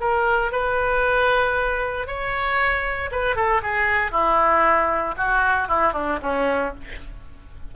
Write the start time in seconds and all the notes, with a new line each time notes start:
0.00 A#4
0.52 B4
2.07 C#5
3.11 B4
3.36 A4
3.63 G#4
4.11 E4
5.17 F#4
5.68 E4
5.93 D4
6.22 C#4